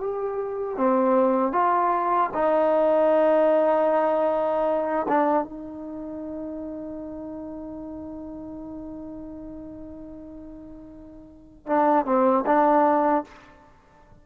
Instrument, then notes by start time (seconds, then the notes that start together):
trombone
0.00 G4
0.77 C4
1.52 F4
2.34 D#4
5.08 D4
5.44 D#4
11.66 D4
12.06 C4
12.46 D4